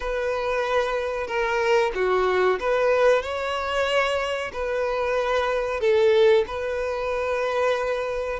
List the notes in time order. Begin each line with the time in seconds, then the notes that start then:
0.00 B4
1.27 A#4
1.94 F#4
2.59 B4
3.22 C#5
4.52 B4
5.80 A4
6.47 B4